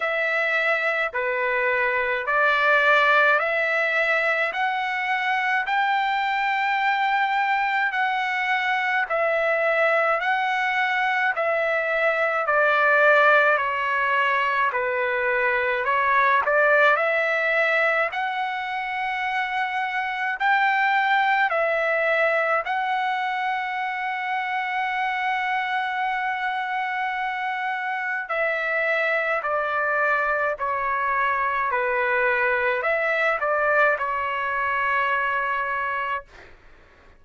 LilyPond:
\new Staff \with { instrumentName = "trumpet" } { \time 4/4 \tempo 4 = 53 e''4 b'4 d''4 e''4 | fis''4 g''2 fis''4 | e''4 fis''4 e''4 d''4 | cis''4 b'4 cis''8 d''8 e''4 |
fis''2 g''4 e''4 | fis''1~ | fis''4 e''4 d''4 cis''4 | b'4 e''8 d''8 cis''2 | }